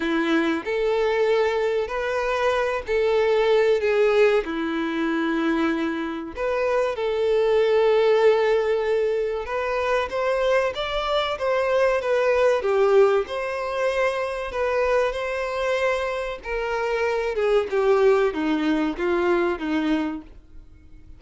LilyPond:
\new Staff \with { instrumentName = "violin" } { \time 4/4 \tempo 4 = 95 e'4 a'2 b'4~ | b'8 a'4. gis'4 e'4~ | e'2 b'4 a'4~ | a'2. b'4 |
c''4 d''4 c''4 b'4 | g'4 c''2 b'4 | c''2 ais'4. gis'8 | g'4 dis'4 f'4 dis'4 | }